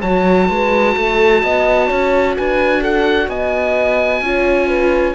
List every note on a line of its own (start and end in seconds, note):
0.00 0.49 F#3
0.00 4.24 F#4
0.00 0.47 C#5
0.00 2.35 A5
0.48 0.96 G#3
0.48 0.95 B4
0.96 1.43 A3
0.96 1.43 A4
1.43 1.90 B3
1.43 1.87 D#5
1.87 2.37 C#4
1.87 2.34 C#5
2.36 3.28 D4
2.36 2.80 B4
2.36 2.83 G#5
2.80 3.27 A4
2.80 3.29 F#5
3.28 4.21 B3
3.28 4.22 D#5
3.28 5.14 G#5
4.21 5.14 C#4
4.21 5.14 F4
4.21 4.67 C#5
4.67 5.14 B4